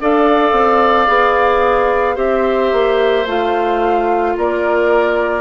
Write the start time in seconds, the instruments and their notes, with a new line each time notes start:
0.00 bassoon D4, clarinet A4, oboe D5, flute F5
0.52 bassoon C4
1.07 bassoon B3, clarinet G#4
2.15 bassoon C4, clarinet G4, oboe C5, flute E5
2.72 bassoon A#3
3.26 bassoon A3, clarinet F4, flute F5
4.37 bassoon A#3, oboe A#4, flute D5